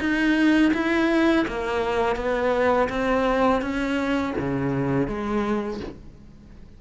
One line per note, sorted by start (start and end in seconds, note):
0.00 0.72 D#4
0.74 1.46 E4
1.48 2.16 A#3
2.16 2.88 B3
2.89 3.62 C4
3.62 4.34 C#4
4.39 5.08 C#3
5.08 5.80 G#3